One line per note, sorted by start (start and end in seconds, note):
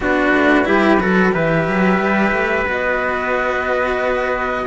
0.00 0.31 B3
0.00 0.64 D4
0.00 0.67 F#4
0.00 1.34 B4
0.33 0.67 A3
0.64 0.98 G3
0.64 0.98 E4
0.64 1.01 G4
0.98 1.31 F#3
0.98 1.32 F#4
0.98 1.33 A4
1.32 1.67 E3
1.32 2.65 G4
1.32 4.66 B4
1.32 2.67 E5
1.67 1.98 F#3
1.98 2.31 G3
2.32 2.65 A3
2.65 4.66 B3
2.65 4.65 F#4
2.65 4.66 D#5